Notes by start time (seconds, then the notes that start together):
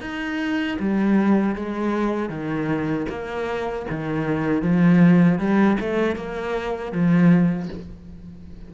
0.00 D#4
0.79 G3
1.55 G#3
2.29 D#3
3.09 A#3
3.90 D#3
4.62 F3
5.38 G3
5.80 A3
6.15 A#3
6.92 F3